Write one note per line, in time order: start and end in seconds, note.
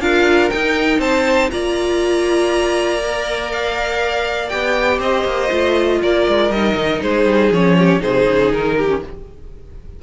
0.00 0.50 D4
0.00 0.51 F4
0.00 1.00 A#4
0.00 0.50 F5
0.50 1.51 D#4
0.50 0.99 D#4
0.50 1.00 G5
0.99 1.49 C4
0.99 1.50 C5
0.99 1.50 A5
1.50 4.52 A#3
1.50 2.99 F4
1.50 4.98 D5
1.50 3.50 A#5
2.99 4.49 A#4
3.52 4.49 F5
4.49 4.99 B3
4.49 5.50 G4
4.49 4.99 G5
4.98 5.24 C4
4.98 5.98 C5
4.98 6.02 D#5
5.24 5.49 A#3
5.50 6.01 A3
5.50 6.50 F4
6.02 6.27 A#3
6.02 7.02 A#4
6.02 6.51 D5
6.28 6.50 G#3
6.50 6.75 G3
6.50 7.55 D#4
6.50 7.01 D#5
6.75 7.00 D#3
7.01 7.25 G#3
7.01 7.77 G#4
7.01 7.52 C5
7.25 7.50 G3
7.51 8.01 F3
7.51 7.99 C#4
7.51 8.02 C#5
7.78 8.01 G4
7.99 8.27 C3
7.99 8.87 D#4
7.99 8.76 G#4
7.99 8.52 C5
8.27 8.52 C#3
8.52 9.02 D#3
8.52 9.02 A#4
8.77 9.02 G4
8.87 9.00 C#4